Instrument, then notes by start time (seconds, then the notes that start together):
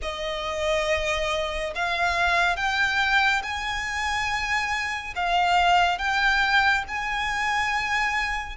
violin
0.02 D#5
1.75 F5
2.56 G5
3.42 G#5
5.15 F5
5.98 G5
6.88 G#5